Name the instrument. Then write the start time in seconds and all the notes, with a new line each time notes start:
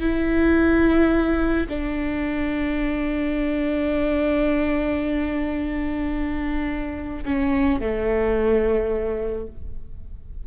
viola
0.00 E4
1.68 D4
7.25 C#4
7.80 A3